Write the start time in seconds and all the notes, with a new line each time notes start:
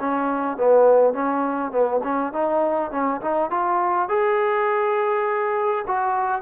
0.00 C#4
0.57 B3
1.13 C#4
1.71 B3
2.03 C#4
2.33 D#4
2.91 C#4
3.21 D#4
3.51 F4
4.09 G#4
5.87 F#4